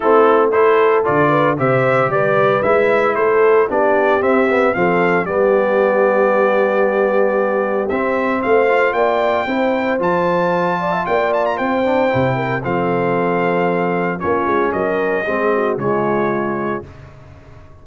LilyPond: <<
  \new Staff \with { instrumentName = "trumpet" } { \time 4/4 \tempo 4 = 114 a'4 c''4 d''4 e''4 | d''4 e''4 c''4 d''4 | e''4 f''4 d''2~ | d''2. e''4 |
f''4 g''2 a''4~ | a''4 g''8 a''16 ais''16 g''2 | f''2. cis''4 | dis''2 cis''2 | }
  \new Staff \with { instrumentName = "horn" } { \time 4/4 e'4 a'4. b'8 c''4 | b'2 a'4 g'4~ | g'4 a'4 g'2~ | g'1 |
c''4 d''4 c''2~ | c''8 d''16 e''16 d''4 c''4. ais'8 | a'2. f'4 | ais'4 gis'8 fis'8 f'2 | }
  \new Staff \with { instrumentName = "trombone" } { \time 4/4 c'4 e'4 f'4 g'4~ | g'4 e'2 d'4 | c'8 b8 c'4 b2~ | b2. c'4~ |
c'8 f'4. e'4 f'4~ | f'2~ f'8 d'8 e'4 | c'2. cis'4~ | cis'4 c'4 gis2 | }
  \new Staff \with { instrumentName = "tuba" } { \time 4/4 a2 d4 c4 | g4 gis4 a4 b4 | c'4 f4 g2~ | g2. c'4 |
a4 ais4 c'4 f4~ | f4 ais4 c'4 c4 | f2. ais8 gis8 | fis4 gis4 cis2 | }
>>